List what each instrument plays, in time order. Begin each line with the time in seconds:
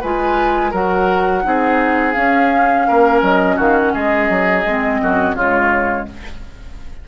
0.00 bassoon G#3, clarinet F4, oboe B4, flute G#5
0.71 bassoon F#3, clarinet F#4, oboe A#4, flute F#5
1.42 bassoon C4, clarinet D#4, oboe G#4
2.12 clarinet C#4, bassoon C#4, flute F5
2.87 bassoon A#3, oboe A#4
3.22 bassoon F#3, flute D#5
3.56 bassoon D#3, oboe F#4, flute F5
3.78 flute F#5
3.94 bassoon G#3, oboe G#4, flute D#5
4.29 bassoon F#3
4.65 bassoon G#3, clarinet C4
5.01 bassoon F#2, oboe F#4
5.33 bassoon C#3, clarinet G#3, oboe F4, flute C#5